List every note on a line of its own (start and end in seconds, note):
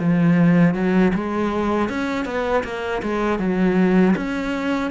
0.00 0.75 F3
0.75 1.13 F#3
1.15 1.90 G#3
1.90 2.26 C#4
2.26 2.64 B3
2.64 3.02 A#3
3.03 3.39 G#3
3.39 4.15 F#3
4.17 4.92 C#4